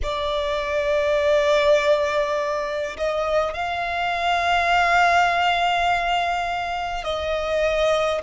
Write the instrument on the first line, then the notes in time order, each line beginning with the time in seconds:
violin
0.02 D5
2.97 D#5
3.53 F5
7.04 D#5